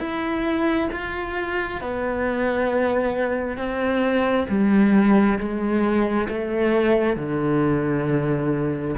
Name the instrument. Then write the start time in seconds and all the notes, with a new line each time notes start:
cello
0.00 E4
0.92 F4
1.82 B3
3.57 C4
4.49 G3
5.39 G#3
6.29 A3
7.16 D3